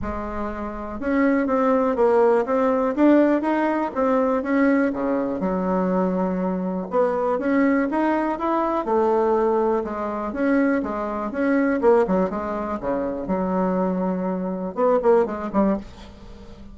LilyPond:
\new Staff \with { instrumentName = "bassoon" } { \time 4/4 \tempo 4 = 122 gis2 cis'4 c'4 | ais4 c'4 d'4 dis'4 | c'4 cis'4 cis4 fis4~ | fis2 b4 cis'4 |
dis'4 e'4 a2 | gis4 cis'4 gis4 cis'4 | ais8 fis8 gis4 cis4 fis4~ | fis2 b8 ais8 gis8 g8 | }